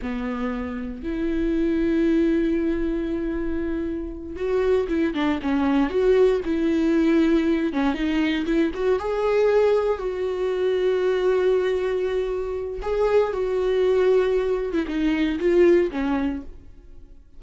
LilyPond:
\new Staff \with { instrumentName = "viola" } { \time 4/4 \tempo 4 = 117 b2 e'2~ | e'1~ | e'8 fis'4 e'8 d'8 cis'4 fis'8~ | fis'8 e'2~ e'8 cis'8 dis'8~ |
dis'8 e'8 fis'8 gis'2 fis'8~ | fis'1~ | fis'4 gis'4 fis'2~ | fis'8. e'16 dis'4 f'4 cis'4 | }